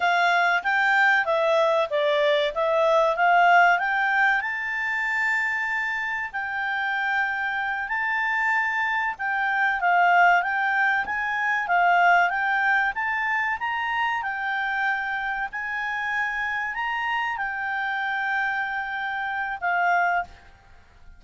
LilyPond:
\new Staff \with { instrumentName = "clarinet" } { \time 4/4 \tempo 4 = 95 f''4 g''4 e''4 d''4 | e''4 f''4 g''4 a''4~ | a''2 g''2~ | g''8 a''2 g''4 f''8~ |
f''8 g''4 gis''4 f''4 g''8~ | g''8 a''4 ais''4 g''4.~ | g''8 gis''2 ais''4 g''8~ | g''2. f''4 | }